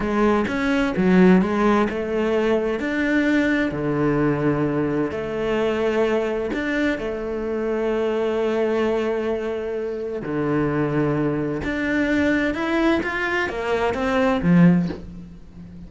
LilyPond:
\new Staff \with { instrumentName = "cello" } { \time 4/4 \tempo 4 = 129 gis4 cis'4 fis4 gis4 | a2 d'2 | d2. a4~ | a2 d'4 a4~ |
a1~ | a2 d2~ | d4 d'2 e'4 | f'4 ais4 c'4 f4 | }